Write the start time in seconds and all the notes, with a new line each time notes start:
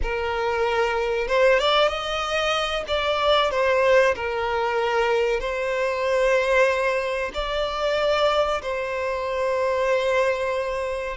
0.02 A#4
1.27 C5
1.59 D5
1.88 D#5
2.87 D5
3.50 C5
4.15 A#4
5.40 C5
7.34 D5
8.62 C5